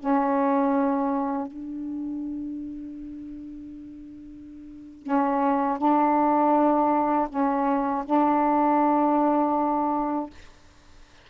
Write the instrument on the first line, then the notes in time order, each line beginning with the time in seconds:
saxophone
0.00 C#4
1.48 D4
5.04 C#4
5.79 D4
7.30 C#4
8.06 D4